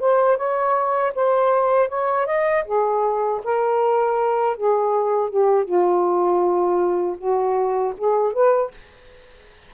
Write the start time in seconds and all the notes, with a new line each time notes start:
0.00 C5
0.37 C#5
1.15 C5
1.89 C#5
2.26 D#5
2.65 G#4
3.44 A#4
4.57 G#4
5.30 G4
5.65 F4
7.18 F#4
7.98 G#4
8.33 B4